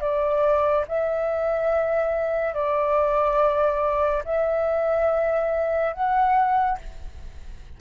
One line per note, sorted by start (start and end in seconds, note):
0.00 0.85 D5
0.88 2.54 E5
2.54 4.23 D5
4.24 5.93 E5
5.93 6.78 F#5